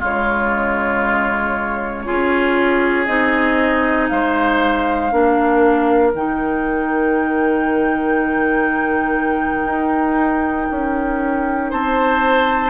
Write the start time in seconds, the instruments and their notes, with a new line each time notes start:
0.00 bassoon C#3, clarinet G#3, oboe F4, flute C#5
2.05 bassoon C#4, clarinet F4, oboe G#4
3.06 bassoon C4, clarinet D#4, flute D#5
4.09 bassoon G#3, oboe C5, flute F5
5.11 bassoon A#3, clarinet D4, oboe A#4
6.14 bassoon D#3, clarinet D#4, flute G5
9.66 bassoon D#4
10.72 bassoon C#4
11.71 bassoon C4, oboe C5, flute A5